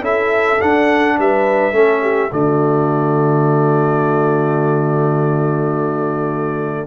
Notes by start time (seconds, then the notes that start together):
0.00 C#4 E4 A4 E5
0.60 D4 F#5
1.18 G3 B4 E5
1.72 A3 C#4 A4
2.02 G4
2.32 D3 A3 F#4 D5